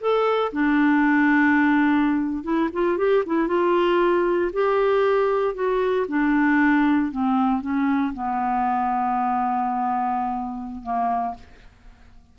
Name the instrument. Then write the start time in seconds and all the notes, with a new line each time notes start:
clarinet
0.00 A4
0.52 D4
2.43 E4
2.72 F4
2.97 G4
3.25 E4
3.47 F4
4.52 G4
5.54 F#4
6.08 D4
7.11 C4
7.61 C#4
8.13 B3
10.82 A#3